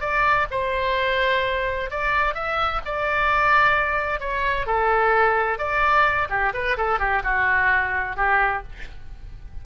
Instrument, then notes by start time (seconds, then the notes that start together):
oboe
0.00 D5
0.51 C5
1.90 D5
2.34 E5
2.85 D5
4.19 C#5
4.66 A4
5.58 D5
6.29 G4
6.53 B4
6.77 A4
6.99 G4
7.23 F#4
8.16 G4